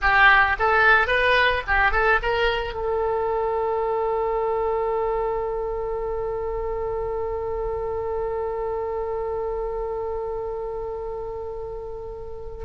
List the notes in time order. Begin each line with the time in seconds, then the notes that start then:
0.01 G4
0.59 A4
1.07 B4
1.67 G4
1.91 A4
2.22 A#4
2.73 A4